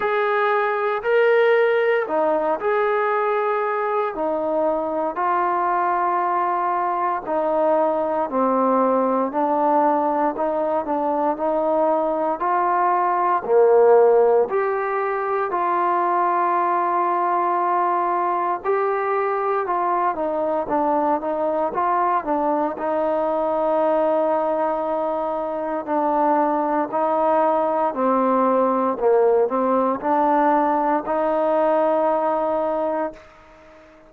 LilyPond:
\new Staff \with { instrumentName = "trombone" } { \time 4/4 \tempo 4 = 58 gis'4 ais'4 dis'8 gis'4. | dis'4 f'2 dis'4 | c'4 d'4 dis'8 d'8 dis'4 | f'4 ais4 g'4 f'4~ |
f'2 g'4 f'8 dis'8 | d'8 dis'8 f'8 d'8 dis'2~ | dis'4 d'4 dis'4 c'4 | ais8 c'8 d'4 dis'2 | }